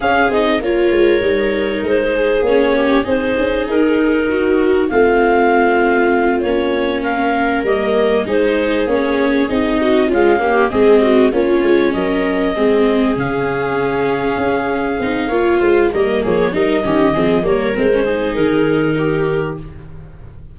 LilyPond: <<
  \new Staff \with { instrumentName = "clarinet" } { \time 4/4 \tempo 4 = 98 f''8 dis''8 cis''2 c''4 | cis''4 c''4 ais'2 | f''2~ f''8 cis''4 f''8~ | f''8 dis''4 c''4 cis''4 dis''8~ |
dis''8 f''4 dis''4 cis''4 dis''8~ | dis''4. f''2~ f''8~ | f''2 dis''8 cis''8 dis''4~ | dis''8 cis''8 c''4 ais'2 | }
  \new Staff \with { instrumentName = "viola" } { \time 4/4 gis'4 ais'2~ ais'8 gis'8~ | gis'8 g'8 gis'2 fis'4 | f'2.~ f'8 ais'8~ | ais'4. gis'2~ gis'8 |
fis'8 f'8 g'8 gis'8 fis'8 f'4 ais'8~ | ais'8 gis'2.~ gis'8~ | gis'4 cis''8 c''8 ais'8 gis'8 ais'8 g'8 | gis'8 ais'4 gis'4. g'4 | }
  \new Staff \with { instrumentName = "viola" } { \time 4/4 cis'8 dis'8 f'4 dis'2 | cis'4 dis'2. | c'2~ c'8 cis'4.~ | cis'8 ais4 dis'4 cis'4 dis'8~ |
dis'8 gis8 ais8 c'4 cis'4.~ | cis'8 c'4 cis'2~ cis'8~ | cis'8 dis'8 f'4 ais4 dis'8 cis'8 | c'8 ais8 c'16 cis'16 dis'2~ dis'8 | }
  \new Staff \with { instrumentName = "tuba" } { \time 4/4 cis'8 c'8 ais8 gis8 g4 gis4 | ais4 c'8 cis'8 dis'2 | a2~ a8 ais4.~ | ais8 g4 gis4 ais4 c'8~ |
c'8 cis'4 gis4 ais8 gis8 fis8~ | fis8 gis4 cis2 cis'8~ | cis'8 c'8 ais8 gis8 g8 f8 g8 dis8 | f8 g8 gis4 dis2 | }
>>